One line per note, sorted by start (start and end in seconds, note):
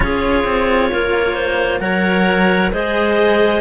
0.00 0.44 C#4
0.00 1.80 F4
0.00 0.91 G#4
0.00 1.80 C#5
0.44 0.89 C4
0.91 1.80 A#3
0.91 1.34 A#4
1.34 1.79 C5
1.80 2.71 F#3
1.80 2.71 A#4
1.80 2.72 C#5
1.80 2.70 F#5
2.72 3.61 G#3
2.72 3.61 G#4
2.72 3.61 C5
2.72 3.61 D#5